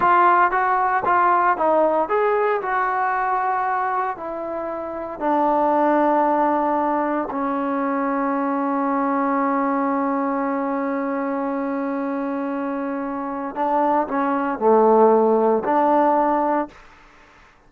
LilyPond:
\new Staff \with { instrumentName = "trombone" } { \time 4/4 \tempo 4 = 115 f'4 fis'4 f'4 dis'4 | gis'4 fis'2. | e'2 d'2~ | d'2 cis'2~ |
cis'1~ | cis'1~ | cis'2 d'4 cis'4 | a2 d'2 | }